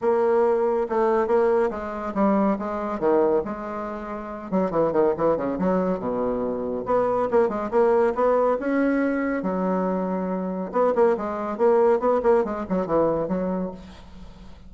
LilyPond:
\new Staff \with { instrumentName = "bassoon" } { \time 4/4 \tempo 4 = 140 ais2 a4 ais4 | gis4 g4 gis4 dis4 | gis2~ gis8 fis8 e8 dis8 | e8 cis8 fis4 b,2 |
b4 ais8 gis8 ais4 b4 | cis'2 fis2~ | fis4 b8 ais8 gis4 ais4 | b8 ais8 gis8 fis8 e4 fis4 | }